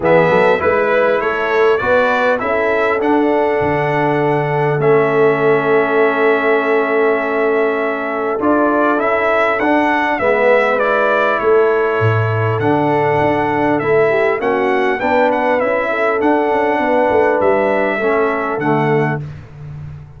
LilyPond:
<<
  \new Staff \with { instrumentName = "trumpet" } { \time 4/4 \tempo 4 = 100 e''4 b'4 cis''4 d''4 | e''4 fis''2. | e''1~ | e''2 d''4 e''4 |
fis''4 e''4 d''4 cis''4~ | cis''4 fis''2 e''4 | fis''4 g''8 fis''8 e''4 fis''4~ | fis''4 e''2 fis''4 | }
  \new Staff \with { instrumentName = "horn" } { \time 4/4 gis'8 a'8 b'4 a'4 b'4 | a'1~ | a'1~ | a'1~ |
a'4 b'2 a'4~ | a'2.~ a'8 g'8 | fis'4 b'4. a'4. | b'2 a'2 | }
  \new Staff \with { instrumentName = "trombone" } { \time 4/4 b4 e'2 fis'4 | e'4 d'2. | cis'1~ | cis'2 f'4 e'4 |
d'4 b4 e'2~ | e'4 d'2 e'4 | cis'4 d'4 e'4 d'4~ | d'2 cis'4 a4 | }
  \new Staff \with { instrumentName = "tuba" } { \time 4/4 e8 fis8 gis4 a4 b4 | cis'4 d'4 d2 | a1~ | a2 d'4 cis'4 |
d'4 gis2 a4 | a,4 d4 d'4 a4 | ais4 b4 cis'4 d'8 cis'8 | b8 a8 g4 a4 d4 | }
>>